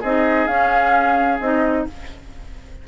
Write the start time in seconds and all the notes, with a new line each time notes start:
0.00 C4 D#4 G#4 D#5
0.47 C#4 F5
1.40 C4 D#4 D#5